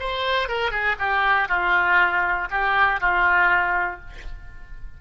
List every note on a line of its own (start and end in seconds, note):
0.00 0.49 C5
0.49 0.71 A#4
0.71 0.96 G#4
0.99 1.49 G4
1.49 2.49 F4
2.51 3.01 G4
3.01 4.01 F4